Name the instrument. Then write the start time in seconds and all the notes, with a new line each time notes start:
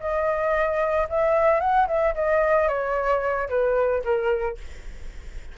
flute
0.00 D#5
1.10 E5
1.60 F#5
1.87 E5
2.15 D#5
2.68 C#5
3.49 B4
4.04 A#4